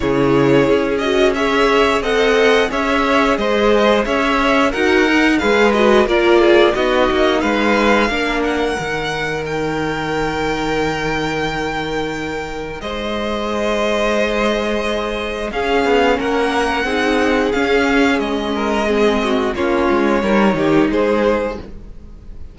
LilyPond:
<<
  \new Staff \with { instrumentName = "violin" } { \time 4/4 \tempo 4 = 89 cis''4. dis''8 e''4 fis''4 | e''4 dis''4 e''4 fis''4 | f''8 dis''8 d''4 dis''4 f''4~ | f''8 fis''4. g''2~ |
g''2. dis''4~ | dis''2. f''4 | fis''2 f''4 dis''4~ | dis''4 cis''2 c''4 | }
  \new Staff \with { instrumentName = "violin" } { \time 4/4 gis'2 cis''4 dis''4 | cis''4 c''4 cis''4 ais'4 | b'4 ais'8 gis'8 fis'4 b'4 | ais'1~ |
ais'2. c''4~ | c''2. gis'4 | ais'4 gis'2~ gis'8 ais'8 | gis'8 fis'8 f'4 ais'8 g'8 gis'4 | }
  \new Staff \with { instrumentName = "viola" } { \time 4/4 e'4. fis'8 gis'4 a'4 | gis'2. fis'8 ais'8 | gis'8 fis'8 f'4 dis'2 | d'4 dis'2.~ |
dis'1~ | dis'2. cis'4~ | cis'4 dis'4 cis'2 | c'4 cis'4 dis'2 | }
  \new Staff \with { instrumentName = "cello" } { \time 4/4 cis4 cis'2 c'4 | cis'4 gis4 cis'4 dis'4 | gis4 ais4 b8 ais8 gis4 | ais4 dis2.~ |
dis2. gis4~ | gis2. cis'8 b8 | ais4 c'4 cis'4 gis4~ | gis4 ais8 gis8 g8 dis8 gis4 | }
>>